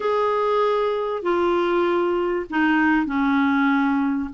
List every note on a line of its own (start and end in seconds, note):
0.00 1.22 G#4
1.22 2.46 F4
2.50 3.06 D#4
3.06 4.29 C#4